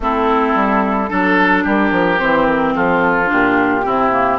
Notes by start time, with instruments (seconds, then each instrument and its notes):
0.00 bassoon A3, clarinet C4, oboe E4, flute A4
0.54 bassoon G3
1.09 bassoon F#3, clarinet D4, oboe A4
1.63 bassoon G3, oboe G4, flute A#4
1.91 bassoon F3
2.18 bassoon E3, clarinet C4, flute C5
2.45 flute A#4
2.75 bassoon F3, oboe F4, flute A4
3.25 bassoon A#2, clarinet D4, flute G4
3.84 bassoon C3, clarinet C4, oboe E4
4.11 clarinet A#3